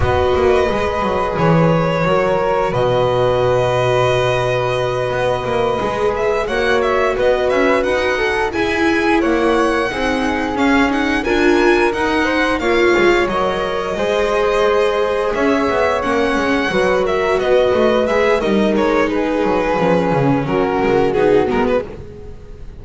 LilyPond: <<
  \new Staff \with { instrumentName = "violin" } { \time 4/4 \tempo 4 = 88 dis''2 cis''2 | dis''1~ | dis''4 e''8 fis''8 e''8 dis''8 e''8 fis''8~ | fis''8 gis''4 fis''2 f''8 |
fis''8 gis''4 fis''4 f''4 dis''8~ | dis''2~ dis''8 e''4 fis''8~ | fis''4 e''8 dis''4 e''8 dis''8 cis''8 | b'2 ais'4 gis'8 ais'16 b'16 | }
  \new Staff \with { instrumentName = "flute" } { \time 4/4 b'2. ais'4 | b'1~ | b'4. cis''4 b'4. | a'8 gis'4 cis''4 gis'4.~ |
gis'8 ais'4. c''8 cis''4.~ | cis''8 c''2 cis''4.~ | cis''8 b'8 ais'8 b'4. ais'4 | gis'2 fis'2 | }
  \new Staff \with { instrumentName = "viola" } { \time 4/4 fis'4 gis'2 fis'4~ | fis'1~ | fis'8 gis'4 fis'2~ fis'8~ | fis'8 e'2 dis'4 cis'8 |
dis'8 f'4 dis'4 f'4 ais'8~ | ais'8 gis'2. cis'8~ | cis'8 fis'2 gis'8 dis'4~ | dis'4 cis'2 dis'8 b8 | }
  \new Staff \with { instrumentName = "double bass" } { \time 4/4 b8 ais8 gis8 fis8 e4 fis4 | b,2.~ b,8 b8 | ais8 gis4 ais4 b8 cis'8 dis'8~ | dis'8 e'4 ais4 c'4 cis'8~ |
cis'8 d'4 dis'4 ais8 gis8 fis8~ | fis8 gis2 cis'8 b8 ais8 | gis8 fis4 b8 a8 gis8 g8 gis8~ | gis8 fis8 f8 cis8 fis8 gis8 b8 gis8 | }
>>